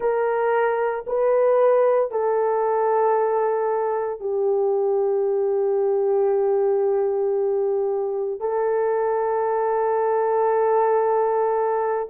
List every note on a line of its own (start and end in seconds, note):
0.00 1.05 A#4
1.06 2.11 B4
2.11 4.20 A4
4.20 8.40 G4
8.40 12.08 A4